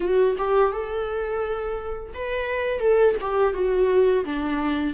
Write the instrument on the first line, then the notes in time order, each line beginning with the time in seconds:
viola
0.00 F#4
0.38 G4
0.72 A4
2.14 B4
2.79 A4
3.20 G4
3.53 F#4
4.24 D4